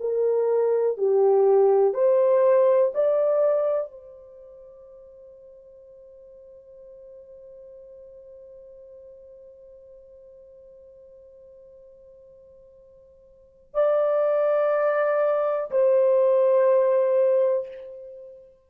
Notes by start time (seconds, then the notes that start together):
0.00 A#4
0.97 G4
1.94 C5
2.94 D5
3.91 C5
13.74 D5
15.71 C5